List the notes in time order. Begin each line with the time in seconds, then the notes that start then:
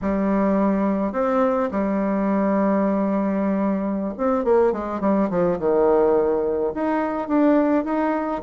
0.01 G3
1.12 C4
1.71 G3
4.17 C4
4.44 A#3
4.72 G#3
5.00 G3
5.29 F3
5.58 D#3
6.74 D#4
7.28 D4
7.84 D#4